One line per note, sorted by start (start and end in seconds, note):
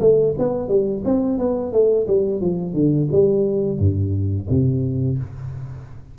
0.00 0.34 A3
0.38 0.68 B3
0.68 1.03 G3
1.05 1.38 C4
1.38 1.72 B3
1.72 2.07 A3
2.07 2.41 G3
2.41 2.74 F3
2.74 3.08 D3
3.11 3.79 G3
3.79 4.48 G2
4.50 5.18 C3